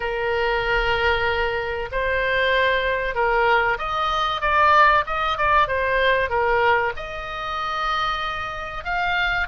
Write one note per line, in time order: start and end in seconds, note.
0.00 1.89 A#4
1.91 3.14 C5
3.14 3.77 A#4
3.78 4.41 D#5
4.41 5.04 D5
5.06 5.37 D#5
5.37 5.67 D5
5.67 6.29 C5
6.29 6.92 A#4
6.96 8.84 D#5
8.84 9.47 F5